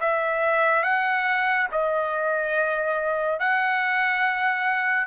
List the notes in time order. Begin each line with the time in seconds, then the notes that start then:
0.00 E5
0.83 F#5
1.71 D#5
3.39 F#5